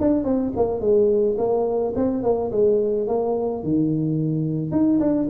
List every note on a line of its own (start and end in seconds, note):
0.00 0.24 D4
0.24 0.52 C4
0.56 0.80 A#3
0.80 1.36 G#3
1.37 1.93 A#3
1.95 2.23 C4
2.23 2.51 A#3
2.51 3.07 G#3
3.07 3.63 A#3
3.63 4.71 D#3
4.71 4.99 D#4
5.00 5.28 D4